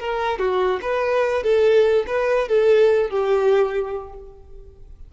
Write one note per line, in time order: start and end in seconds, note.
0.00 0.39 A#4
0.39 0.81 F#4
0.82 1.44 B4
1.44 2.06 A4
2.07 2.49 B4
2.49 3.11 A4
3.11 4.14 G4